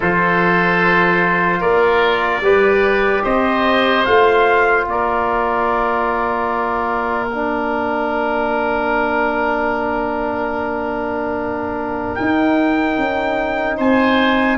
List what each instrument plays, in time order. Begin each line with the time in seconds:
0.00 tuba F3, trombone F4, oboe A4, trumpet C5
1.60 tuba A#3, oboe A#4, trumpet D5
2.40 tuba G3, trombone G4, oboe B4
3.23 tuba C4, oboe C5, trumpet D#5
4.05 tuba A3, trombone F4, trumpet F5
4.86 tuba A#3, oboe A#4, trumpet D5
7.29 trombone D4, trumpet F5
12.14 trombone D#4, tuba D#4, trumpet G5
12.97 tuba C#4
13.77 tuba C4, oboe C5, trumpet G#5